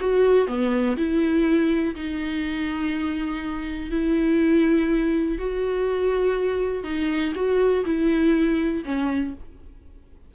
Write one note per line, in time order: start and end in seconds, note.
0.00 0.47 F#4
0.47 0.96 B3
0.97 1.95 E4
1.95 3.91 D#4
3.91 5.38 E4
5.38 6.84 F#4
6.84 7.33 D#4
7.35 7.84 F#4
7.85 8.83 E4
8.85 9.34 C#4